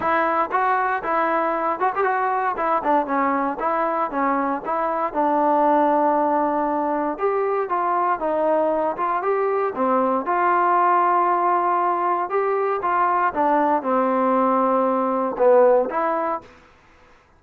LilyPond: \new Staff \with { instrumentName = "trombone" } { \time 4/4 \tempo 4 = 117 e'4 fis'4 e'4. fis'16 g'16 | fis'4 e'8 d'8 cis'4 e'4 | cis'4 e'4 d'2~ | d'2 g'4 f'4 |
dis'4. f'8 g'4 c'4 | f'1 | g'4 f'4 d'4 c'4~ | c'2 b4 e'4 | }